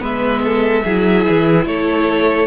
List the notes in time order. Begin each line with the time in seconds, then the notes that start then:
0.00 G#3 B3 B4 E5
0.45 A4
0.84 F#3 E4 G#4
1.29 E3
1.66 A3 A4 C#5